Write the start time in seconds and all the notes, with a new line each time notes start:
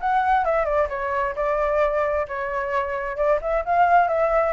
0.00 F#5
0.45 E5
0.65 D5
0.89 C#5
1.35 D5
2.28 C#5
3.16 D5
3.41 E5
3.65 F5
4.08 E5